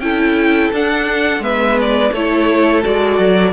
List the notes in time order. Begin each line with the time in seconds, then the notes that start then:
0.00 C#4 E4 A4 G5
0.73 D4 F#5
1.40 G#3 B3 B4 E5
1.81 D5
2.13 A3 E4 A4 C#5
2.83 G#3 F#4 D5
3.20 F#3